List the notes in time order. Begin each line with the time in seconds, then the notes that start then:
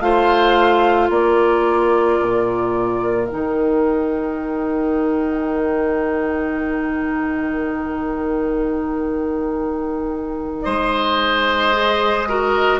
0.00 A3 F4 C5 F5
1.10 A#3 A#4 D5
2.21 A#2
3.27 D#3 D#4 G5
10.61 G#3 C5 D#5
11.73 G#4
12.28 F#4 A#4